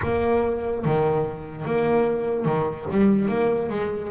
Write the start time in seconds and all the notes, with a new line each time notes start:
0.03 A#3
0.84 D#3
1.65 A#3
2.45 D#3
2.91 G3
3.28 A#3
3.69 G#3